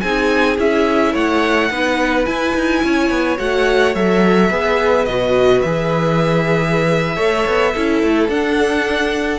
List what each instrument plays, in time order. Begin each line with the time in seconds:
0.00 cello C4, viola D#4, violin G#4 G#5
0.58 cello C#4, viola E4, violin E5
1.12 cello A3, violin C#5 F#5
1.70 cello B3, viola D#4, violin B4
2.25 viola E4, cello E4, violin G#5
2.55 cello D#4
2.83 cello C#4, violin C#5
3.10 cello B3
3.38 cello A3, viola F#4, violin F#5
3.95 cello F#3, viola A4, violin E5
4.50 cello B3, viola G#4, violin B4
5.05 cello B2, viola F#4, violin D#5
5.61 cello E3, viola G#4, violin E5
7.16 cello A3, viola A4, violin C#5
7.46 cello B3
7.72 cello C#4, viola E4, violin A4
8.03 cello A3
8.28 cello D4, viola D4, violin F#5